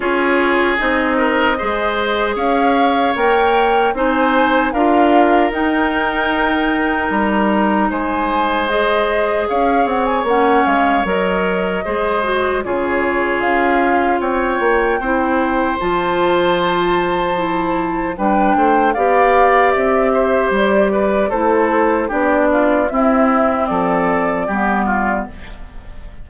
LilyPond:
<<
  \new Staff \with { instrumentName = "flute" } { \time 4/4 \tempo 4 = 76 cis''4 dis''2 f''4 | g''4 gis''4 f''4 g''4~ | g''4 ais''4 gis''4 dis''4 | f''8 fis''16 gis''16 fis''8 f''8 dis''2 |
cis''4 f''4 g''2 | a''2. g''4 | f''4 e''4 d''4 c''4 | d''4 e''4 d''2 | }
  \new Staff \with { instrumentName = "oboe" } { \time 4/4 gis'4. ais'8 c''4 cis''4~ | cis''4 c''4 ais'2~ | ais'2 c''2 | cis''2. c''4 |
gis'2 cis''4 c''4~ | c''2. b'8 c''8 | d''4. c''4 b'8 a'4 | g'8 f'8 e'4 a'4 g'8 f'8 | }
  \new Staff \with { instrumentName = "clarinet" } { \time 4/4 f'4 dis'4 gis'2 | ais'4 dis'4 f'4 dis'4~ | dis'2. gis'4~ | gis'4 cis'4 ais'4 gis'8 fis'8 |
f'2. e'4 | f'2 e'4 d'4 | g'2. e'4 | d'4 c'2 b4 | }
  \new Staff \with { instrumentName = "bassoon" } { \time 4/4 cis'4 c'4 gis4 cis'4 | ais4 c'4 d'4 dis'4~ | dis'4 g4 gis2 | cis'8 c'8 ais8 gis8 fis4 gis4 |
cis4 cis'4 c'8 ais8 c'4 | f2. g8 a8 | b4 c'4 g4 a4 | b4 c'4 f4 g4 | }
>>